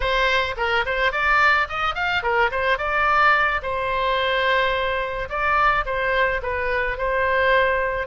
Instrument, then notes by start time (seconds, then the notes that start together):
oboe
0.00 C5
0.57 A#4
0.85 C5
1.11 D5
1.68 D#5
1.94 F5
2.22 A#4
2.51 C5
2.78 D5
3.62 C5
5.29 D5
5.85 C5
6.42 B4
6.97 C5